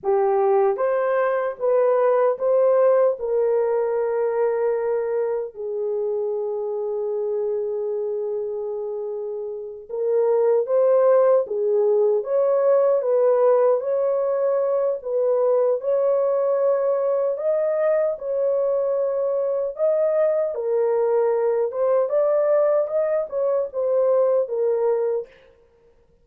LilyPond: \new Staff \with { instrumentName = "horn" } { \time 4/4 \tempo 4 = 76 g'4 c''4 b'4 c''4 | ais'2. gis'4~ | gis'1~ | gis'8 ais'4 c''4 gis'4 cis''8~ |
cis''8 b'4 cis''4. b'4 | cis''2 dis''4 cis''4~ | cis''4 dis''4 ais'4. c''8 | d''4 dis''8 cis''8 c''4 ais'4 | }